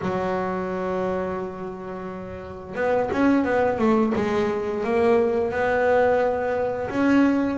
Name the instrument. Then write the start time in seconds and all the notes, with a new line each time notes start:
double bass
0.01 F#3
2.75 B3
3.11 C#4
3.44 B3
3.78 A3
4.15 G#3
4.83 A#3
5.51 B3
6.89 C#4